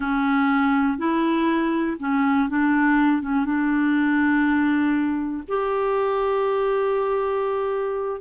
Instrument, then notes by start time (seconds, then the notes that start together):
clarinet
0.00 C#4
0.98 E4
1.99 C#4
2.49 D4
3.22 C#4
3.45 D4
5.48 G4